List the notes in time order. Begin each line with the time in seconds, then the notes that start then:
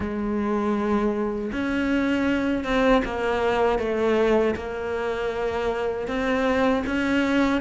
0.00 G#3
1.52 C#4
2.64 C4
3.04 A#3
3.78 A3
4.55 A#3
6.07 C4
6.86 C#4